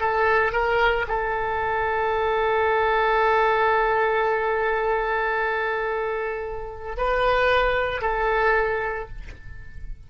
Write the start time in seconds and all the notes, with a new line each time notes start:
0.00 A4
0.53 A#4
1.08 A4
6.97 B4
8.02 A4